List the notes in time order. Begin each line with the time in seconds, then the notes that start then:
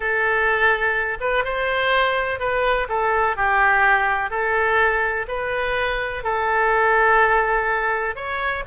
0.00 A4
1.20 B4
1.44 C5
2.39 B4
2.88 A4
3.36 G4
4.30 A4
5.28 B4
6.23 A4
8.15 C#5